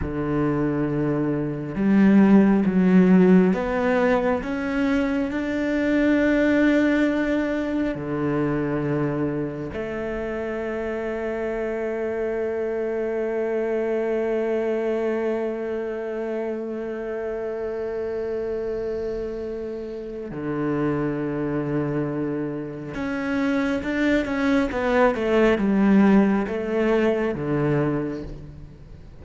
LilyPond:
\new Staff \with { instrumentName = "cello" } { \time 4/4 \tempo 4 = 68 d2 g4 fis4 | b4 cis'4 d'2~ | d'4 d2 a4~ | a1~ |
a1~ | a2. d4~ | d2 cis'4 d'8 cis'8 | b8 a8 g4 a4 d4 | }